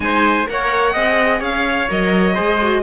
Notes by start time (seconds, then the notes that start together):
0.00 G#3 D#4 C5 G#5
0.46 A#3 A#4 C#5 F#5
0.92 C4 G#4 D#5
1.39 C#4 C#5 F5
1.89 F#3 A#4 D#5
2.34 G#3 G#4 C5
2.62 F#4